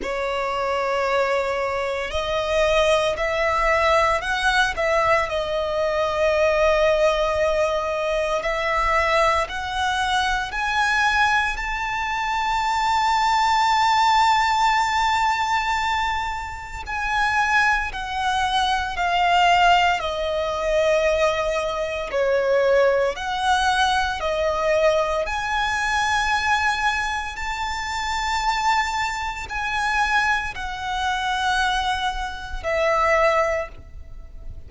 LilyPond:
\new Staff \with { instrumentName = "violin" } { \time 4/4 \tempo 4 = 57 cis''2 dis''4 e''4 | fis''8 e''8 dis''2. | e''4 fis''4 gis''4 a''4~ | a''1 |
gis''4 fis''4 f''4 dis''4~ | dis''4 cis''4 fis''4 dis''4 | gis''2 a''2 | gis''4 fis''2 e''4 | }